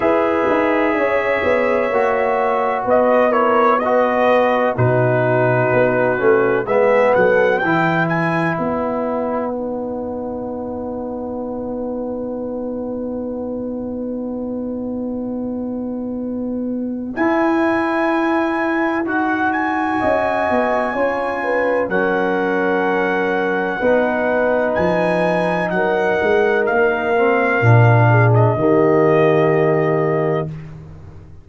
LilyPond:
<<
  \new Staff \with { instrumentName = "trumpet" } { \time 4/4 \tempo 4 = 63 e''2. dis''8 cis''8 | dis''4 b'2 e''8 fis''8 | g''8 gis''8 fis''2.~ | fis''1~ |
fis''2 gis''2 | fis''8 gis''2~ gis''8 fis''4~ | fis''2 gis''4 fis''4 | f''4.~ f''16 dis''2~ dis''16 | }
  \new Staff \with { instrumentName = "horn" } { \time 4/4 b'4 cis''2 b'8 ais'8 | b'4 fis'2 gis'8 a'8 | b'1~ | b'1~ |
b'1~ | b'4 dis''4 cis''8 b'8 ais'4~ | ais'4 b'2 ais'4~ | ais'4. gis'8 g'2 | }
  \new Staff \with { instrumentName = "trombone" } { \time 4/4 gis'2 fis'4. e'8 | fis'4 dis'4. cis'8 b4 | e'2 dis'2~ | dis'1~ |
dis'2 e'2 | fis'2 f'4 cis'4~ | cis'4 dis'2.~ | dis'8 c'8 d'4 ais2 | }
  \new Staff \with { instrumentName = "tuba" } { \time 4/4 e'8 dis'8 cis'8 b8 ais4 b4~ | b4 b,4 b8 a8 gis8 fis8 | e4 b2.~ | b1~ |
b2 e'2 | dis'4 cis'8 b8 cis'4 fis4~ | fis4 b4 f4 fis8 gis8 | ais4 ais,4 dis2 | }
>>